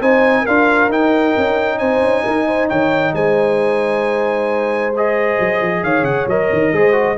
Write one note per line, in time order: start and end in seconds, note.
0.00 0.45 C4
0.00 0.47 D#4
0.00 0.42 C5
0.00 0.46 G#5
0.42 0.88 D4
0.42 0.90 F4
0.42 1.76 A#4
0.42 0.90 F5
0.88 1.33 D#4
0.88 4.93 D#4
0.88 1.78 G5
1.37 1.80 C#4
1.78 2.01 C4
1.78 2.23 C5
1.78 2.68 G#5
2.01 2.23 C#4
2.23 2.71 D#4
2.23 2.46 A#4
2.47 2.68 C5
2.68 3.13 D#3
2.68 3.13 C#5
2.68 3.14 G5
3.13 5.37 G#3
3.13 5.83 C5
3.13 4.94 G#5
4.96 6.30 G#4
4.96 5.84 D#5
5.39 5.61 F#3
5.61 5.83 F3
5.83 6.02 D#3
5.83 6.73 C#5
5.83 6.04 F5
6.02 6.25 C#3
6.02 6.27 F#5
6.27 6.49 F#3
6.27 6.74 A#4
6.27 7.17 D#5
6.52 6.72 D#3
6.72 7.17 G#3
6.72 6.92 G#4
6.72 7.17 C5
6.92 7.15 F#4